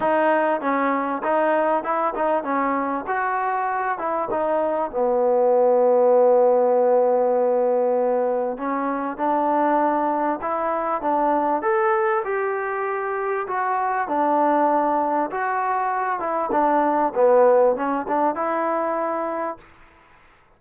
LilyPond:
\new Staff \with { instrumentName = "trombone" } { \time 4/4 \tempo 4 = 98 dis'4 cis'4 dis'4 e'8 dis'8 | cis'4 fis'4. e'8 dis'4 | b1~ | b2 cis'4 d'4~ |
d'4 e'4 d'4 a'4 | g'2 fis'4 d'4~ | d'4 fis'4. e'8 d'4 | b4 cis'8 d'8 e'2 | }